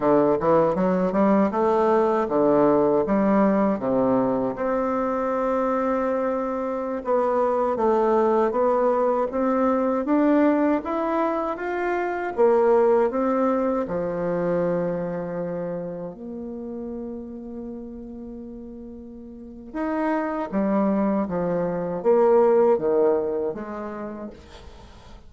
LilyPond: \new Staff \with { instrumentName = "bassoon" } { \time 4/4 \tempo 4 = 79 d8 e8 fis8 g8 a4 d4 | g4 c4 c'2~ | c'4~ c'16 b4 a4 b8.~ | b16 c'4 d'4 e'4 f'8.~ |
f'16 ais4 c'4 f4.~ f16~ | f4~ f16 ais2~ ais8.~ | ais2 dis'4 g4 | f4 ais4 dis4 gis4 | }